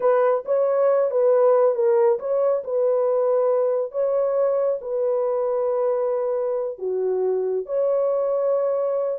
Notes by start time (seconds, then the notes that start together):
0.00 B4
0.45 C#5
1.11 B4
1.74 A#4
2.19 C#5
2.64 B4
3.91 C#5
4.81 B4
6.78 F#4
7.66 C#5